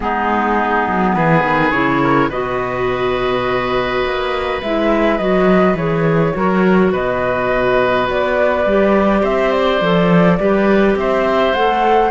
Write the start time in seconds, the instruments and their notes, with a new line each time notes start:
0.00 cello G#3, clarinet B3, oboe D#4, flute G#4
0.87 cello F#3
1.14 cello E3, oboe G#4, flute B4
1.43 cello D#3
1.71 cello C#3, clarinet E4, flute C#5
2.02 oboe A#4
2.29 cello B2, clarinet F#4, oboe B4, flute D#5
4.04 cello A#3
4.61 cello G#3, clarinet E4, flute E5
5.18 cello F#3, clarinet F#4, flute D#5
5.74 cello E3, clarinet G#4, flute C#5
6.33 cello F#3, clarinet F#4, oboe A#4
6.92 cello B2, oboe B4, flute D#5
8.09 cello B3, flute D5
8.65 cello G3, clarinet G4
9.21 cello C4, oboe C5, flute E5
9.51 flute D5
9.81 cello F3, clarinet A4
10.39 cello G3, clarinet G4, oboe B4
10.95 cello C4, oboe C5, flute E5
11.53 cello A3, clarinet A4, flute F#5